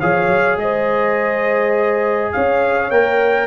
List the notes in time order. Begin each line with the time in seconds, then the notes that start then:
0.00 F3 G#4 C#5 F5
0.28 F#3
0.56 G#3 C5 D#5
2.32 C#4 C#5 F5
2.91 A#3 A#4 G5